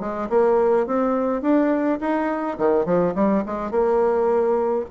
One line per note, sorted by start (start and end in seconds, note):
0.00 0.29 G#3
0.29 0.86 A#3
0.87 1.42 C4
1.42 1.99 D4
2.01 2.58 D#4
2.58 2.85 D#3
2.85 3.14 F3
3.15 3.44 G3
3.46 3.71 G#3
3.71 4.85 A#3